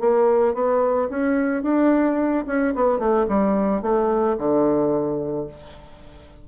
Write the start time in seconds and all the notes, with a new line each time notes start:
0.00 A#3
0.54 B3
1.09 C#4
1.63 D4
2.46 C#4
2.74 B3
2.99 A3
3.28 G3
3.82 A3
4.38 D3